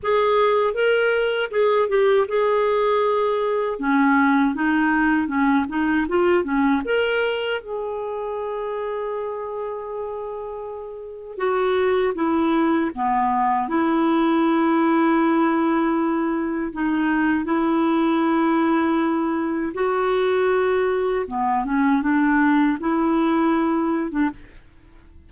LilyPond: \new Staff \with { instrumentName = "clarinet" } { \time 4/4 \tempo 4 = 79 gis'4 ais'4 gis'8 g'8 gis'4~ | gis'4 cis'4 dis'4 cis'8 dis'8 | f'8 cis'8 ais'4 gis'2~ | gis'2. fis'4 |
e'4 b4 e'2~ | e'2 dis'4 e'4~ | e'2 fis'2 | b8 cis'8 d'4 e'4.~ e'16 d'16 | }